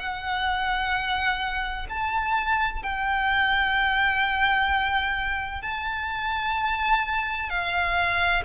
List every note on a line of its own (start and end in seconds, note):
0.00 1.87 F#5
1.90 2.83 A5
2.83 5.62 G5
5.62 7.50 A5
7.50 8.44 F5